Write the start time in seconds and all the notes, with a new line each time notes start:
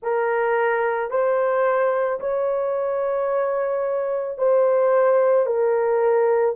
0.02 A#4
1.10 C5
2.20 C#5
4.37 C5
5.45 A#4